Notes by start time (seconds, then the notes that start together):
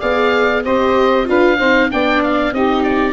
0.00 B3 G#4 D5 F5
0.64 C4 G4 C5 D#5
1.25 D4 F4 B4 F5
1.58 C4 D#4 C5
1.91 B3 D4 D5 G5
2.23 F5
2.52 C4 D#4 G4 D#5
2.83 D5